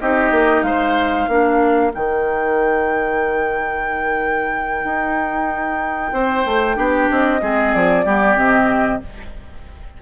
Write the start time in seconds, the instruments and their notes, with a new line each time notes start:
0.00 bassoon C4, clarinet D#4, oboe G4, flute D#5
0.31 bassoon A#3
0.62 bassoon G#3, oboe C5, flute F5
1.28 bassoon A#3, clarinet D4, oboe A#4
1.92 bassoon D#3, clarinet D#4, flute G5
4.84 bassoon D#4
6.13 bassoon C4, oboe C5
6.45 bassoon A3
6.75 bassoon B3, clarinet D4, oboe G4
7.10 bassoon C4, flute D#5
7.41 bassoon G#3, clarinet C4, oboe G#4
7.74 bassoon F3, flute D5
8.05 bassoon G3, clarinet B3, oboe G4
8.36 bassoon C3, clarinet C4, flute D#5